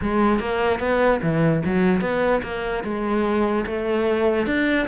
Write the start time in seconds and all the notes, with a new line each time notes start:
0.01 G#3
0.39 A#3
0.79 B3
1.22 E3
1.65 F#3
2.01 B3
2.43 A#3
2.84 G#3
3.66 A3
4.46 D4